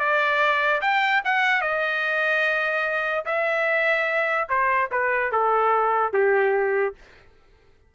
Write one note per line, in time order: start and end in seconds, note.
0.00 0.82 D5
0.82 1.23 G5
1.25 1.62 F#5
1.62 3.25 D#5
3.26 4.49 E5
4.49 4.90 C5
4.92 5.32 B4
5.32 6.14 A4
6.14 6.95 G4